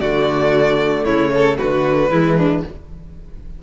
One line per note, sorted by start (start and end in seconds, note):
0.00 1.05 D3
0.00 2.10 A3
0.00 1.04 F#4
0.00 1.04 D5
1.04 1.58 C#3
1.04 1.31 E4
1.04 1.57 C#5
1.34 1.58 A4
1.58 2.11 D3
1.58 2.10 F#4
1.58 2.63 B4
2.10 2.63 E3
2.10 2.63 G#3
2.10 2.36 E4
2.37 2.63 D4